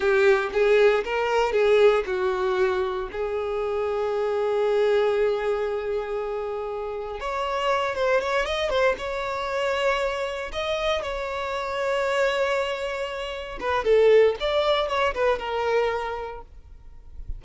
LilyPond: \new Staff \with { instrumentName = "violin" } { \time 4/4 \tempo 4 = 117 g'4 gis'4 ais'4 gis'4 | fis'2 gis'2~ | gis'1~ | gis'2 cis''4. c''8 |
cis''8 dis''8 c''8 cis''2~ cis''8~ | cis''8 dis''4 cis''2~ cis''8~ | cis''2~ cis''8 b'8 a'4 | d''4 cis''8 b'8 ais'2 | }